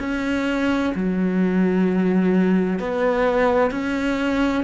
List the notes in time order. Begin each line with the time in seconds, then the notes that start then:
0.00 C#4
0.95 F#3
2.80 B3
3.71 C#4